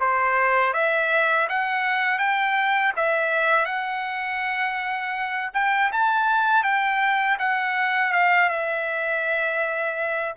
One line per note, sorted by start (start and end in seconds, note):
0.00 0.73 C5
0.73 1.47 E5
1.49 2.19 F#5
2.19 2.93 G5
2.96 3.65 E5
3.65 5.51 F#5
5.54 5.91 G5
5.92 6.63 A5
6.63 7.37 G5
7.39 8.13 F#5
8.13 8.49 F5
8.49 10.34 E5